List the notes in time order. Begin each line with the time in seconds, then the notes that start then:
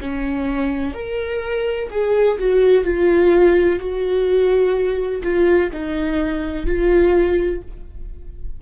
0.00 C#4
0.94 A#4
1.90 G#4
2.39 F#4
2.84 F4
3.79 F#4
5.23 F4
5.72 D#4
6.66 F4